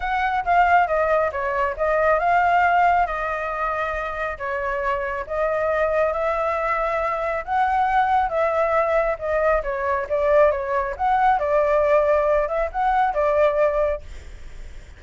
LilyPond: \new Staff \with { instrumentName = "flute" } { \time 4/4 \tempo 4 = 137 fis''4 f''4 dis''4 cis''4 | dis''4 f''2 dis''4~ | dis''2 cis''2 | dis''2 e''2~ |
e''4 fis''2 e''4~ | e''4 dis''4 cis''4 d''4 | cis''4 fis''4 d''2~ | d''8 e''8 fis''4 d''2 | }